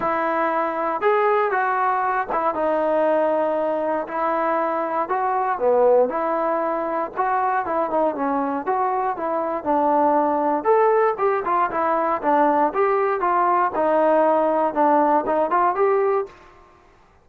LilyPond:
\new Staff \with { instrumentName = "trombone" } { \time 4/4 \tempo 4 = 118 e'2 gis'4 fis'4~ | fis'8 e'8 dis'2. | e'2 fis'4 b4 | e'2 fis'4 e'8 dis'8 |
cis'4 fis'4 e'4 d'4~ | d'4 a'4 g'8 f'8 e'4 | d'4 g'4 f'4 dis'4~ | dis'4 d'4 dis'8 f'8 g'4 | }